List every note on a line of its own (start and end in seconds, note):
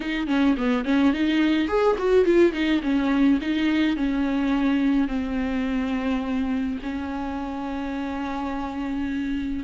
0.00 0.27 D#4
0.27 0.55 C#4
0.57 0.85 B3
0.85 1.13 C#4
1.13 1.68 D#4
1.68 1.96 G#4
1.98 2.25 F#4
2.25 2.52 F4
2.52 2.81 D#4
2.82 3.39 C#4
3.41 3.96 D#4
3.96 5.08 C#4
5.08 6.78 C4
6.82 9.64 C#4